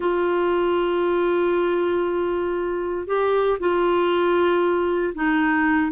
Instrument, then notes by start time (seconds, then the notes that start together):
clarinet
0.00 F4
3.07 G4
3.59 F4
5.14 D#4